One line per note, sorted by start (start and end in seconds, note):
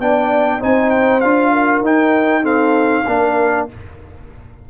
0.00 0.61 B3
0.00 0.60 D4
0.00 0.60 D5
0.00 0.62 G5
0.60 1.23 C4
0.60 1.21 D#4
0.60 1.52 C5
0.60 0.90 G#5
0.90 1.21 G5
1.21 1.81 D4
1.21 1.84 F4
1.21 1.82 F5
1.52 2.42 A#4
1.81 3.03 D#4
1.81 2.43 D#4
1.81 2.46 G5
2.42 3.04 C4
2.42 3.03 A4
2.42 3.68 F5
3.07 3.68 A#3
3.07 3.69 D4
3.07 3.70 A#4